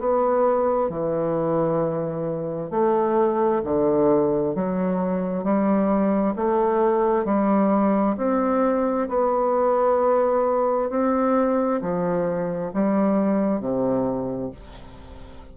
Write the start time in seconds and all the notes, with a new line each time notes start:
0.00 B3
0.90 E3
2.71 A3
3.64 D3
4.55 F#3
5.44 G3
6.36 A3
7.26 G3
8.18 C4
9.09 B3
10.90 C4
11.82 F3
12.74 G3
13.61 C3